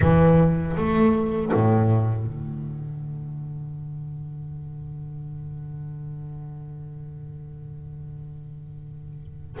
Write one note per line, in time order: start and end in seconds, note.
0.00 0.75 E3
0.77 1.52 A3
1.53 2.25 A2
2.25 9.56 D3